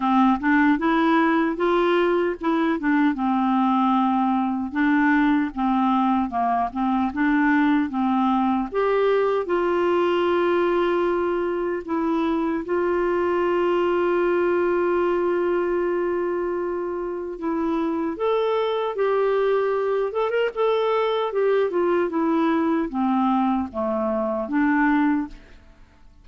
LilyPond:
\new Staff \with { instrumentName = "clarinet" } { \time 4/4 \tempo 4 = 76 c'8 d'8 e'4 f'4 e'8 d'8 | c'2 d'4 c'4 | ais8 c'8 d'4 c'4 g'4 | f'2. e'4 |
f'1~ | f'2 e'4 a'4 | g'4. a'16 ais'16 a'4 g'8 f'8 | e'4 c'4 a4 d'4 | }